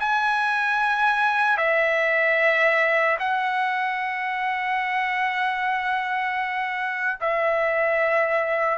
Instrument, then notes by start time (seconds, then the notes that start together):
trumpet
0.00 G#5
1.57 E5
3.20 F#5
7.21 E5